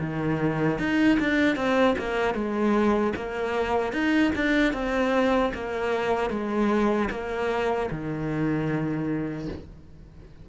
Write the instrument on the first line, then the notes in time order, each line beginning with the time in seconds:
cello
0.00 D#3
0.79 D#4
1.19 D4
1.56 C4
1.98 A#3
2.34 G#3
3.16 A#3
3.93 D#4
4.35 D4
4.73 C4
5.54 A#3
6.30 G#3
7.11 A#3
7.91 D#3